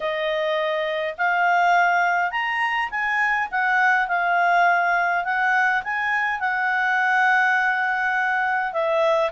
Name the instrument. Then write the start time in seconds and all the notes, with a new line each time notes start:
clarinet
0.00 D#5
1.17 F5
2.31 A#5
2.90 G#5
3.51 F#5
4.08 F5
5.24 F#5
5.83 G#5
6.39 F#5
8.72 E5